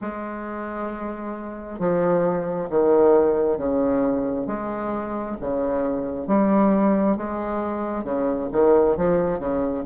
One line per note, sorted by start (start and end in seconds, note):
0.01 1.79 G#3
1.79 2.69 F3
2.69 3.57 D#3
3.57 4.47 C#3
4.47 5.36 G#3
5.40 6.27 C#3
6.27 7.16 G3
7.16 8.04 G#3
8.04 8.48 C#3
8.52 8.96 D#3
8.96 9.39 F3
9.39 9.83 C#3